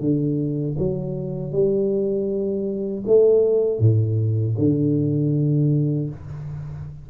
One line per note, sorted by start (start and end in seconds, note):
0.00 0.76 D3
0.78 1.52 F#3
1.52 3.04 G3
3.07 3.79 A3
3.79 4.55 A2
4.58 6.10 D3